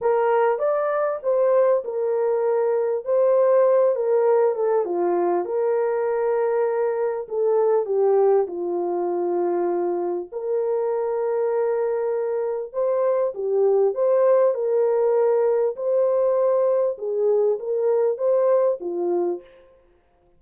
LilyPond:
\new Staff \with { instrumentName = "horn" } { \time 4/4 \tempo 4 = 99 ais'4 d''4 c''4 ais'4~ | ais'4 c''4. ais'4 a'8 | f'4 ais'2. | a'4 g'4 f'2~ |
f'4 ais'2.~ | ais'4 c''4 g'4 c''4 | ais'2 c''2 | gis'4 ais'4 c''4 f'4 | }